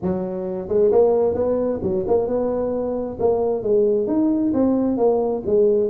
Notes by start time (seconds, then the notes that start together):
0.02 F#3
0.68 G#3
0.91 A#3
1.34 B3
1.82 F#3
2.07 A#3
2.27 B3
3.19 A#3
3.63 G#3
4.07 D#4
4.53 C4
4.97 A#3
5.46 G#3